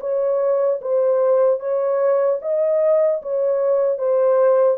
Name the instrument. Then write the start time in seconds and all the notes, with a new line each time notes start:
horn
0.00 C#5
0.81 C5
1.60 C#5
2.42 D#5
3.22 C#5
3.98 C5